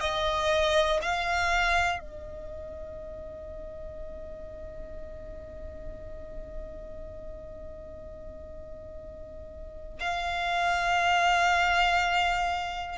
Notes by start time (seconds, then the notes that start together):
0.00 D#5
1.01 F5
1.99 D#5
10.00 F5